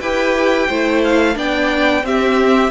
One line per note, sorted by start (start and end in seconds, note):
0.00 0.68 E4
0.00 0.70 G4
0.00 0.67 B4
0.00 1.01 G5
0.67 1.36 A3
0.67 1.34 E4
0.67 1.35 C5
1.04 1.37 F5
1.34 2.03 B3
1.34 2.02 D4
1.34 2.04 D5
1.34 2.05 G5
2.02 2.69 C4
2.02 2.70 C4
2.02 2.70 G4
2.02 2.70 E5